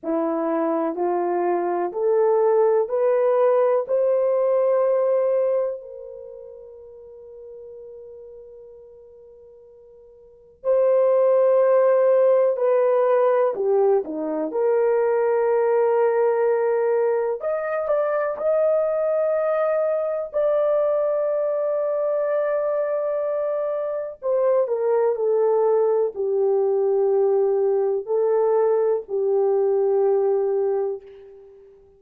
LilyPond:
\new Staff \with { instrumentName = "horn" } { \time 4/4 \tempo 4 = 62 e'4 f'4 a'4 b'4 | c''2 ais'2~ | ais'2. c''4~ | c''4 b'4 g'8 dis'8 ais'4~ |
ais'2 dis''8 d''8 dis''4~ | dis''4 d''2.~ | d''4 c''8 ais'8 a'4 g'4~ | g'4 a'4 g'2 | }